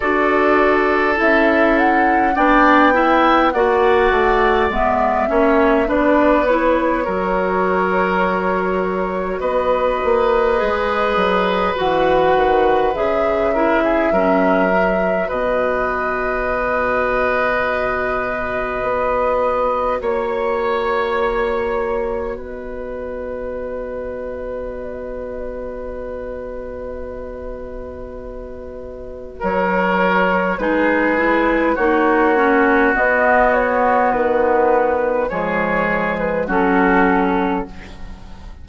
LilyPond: <<
  \new Staff \with { instrumentName = "flute" } { \time 4/4 \tempo 4 = 51 d''4 e''8 fis''8 g''4 fis''4 | e''4 d''8 cis''2~ cis''8 | dis''2 fis''4 e''4~ | e''4 dis''2.~ |
dis''4 cis''2 dis''4~ | dis''1~ | dis''4 cis''4 b'4 cis''4 | dis''8 cis''8 b'4 cis''8. b'16 a'4 | }
  \new Staff \with { instrumentName = "oboe" } { \time 4/4 a'2 d''8 e''8 d''4~ | d''8 cis''8 b'4 ais'2 | b'2.~ b'8 ais'16 gis'16 | ais'4 b'2.~ |
b'4 cis''2 b'4~ | b'1~ | b'4 ais'4 gis'4 fis'4~ | fis'2 gis'4 fis'4 | }
  \new Staff \with { instrumentName = "clarinet" } { \time 4/4 fis'4 e'4 d'8 e'8 fis'4 | b8 cis'8 d'8 e'8 fis'2~ | fis'4 gis'4 fis'4 gis'8 e'8 | cis'8 fis'2.~ fis'8~ |
fis'1~ | fis'1~ | fis'2 dis'8 e'8 dis'8 cis'8 | b2 gis4 cis'4 | }
  \new Staff \with { instrumentName = "bassoon" } { \time 4/4 d'4 cis'4 b4 ais8 a8 | gis8 ais8 b4 fis2 | b8 ais8 gis8 fis8 e8 dis8 cis4 | fis4 b,2. |
b4 ais2 b4~ | b1~ | b4 fis4 gis4 ais4 | b4 dis4 f4 fis4 | }
>>